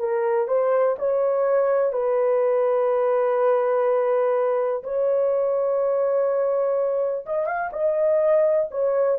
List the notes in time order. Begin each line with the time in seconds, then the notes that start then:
0.00 A#4
0.48 C5
0.99 C#5
1.93 B4
4.84 C#5
7.26 D#5
7.47 F5
7.73 D#5
8.71 C#5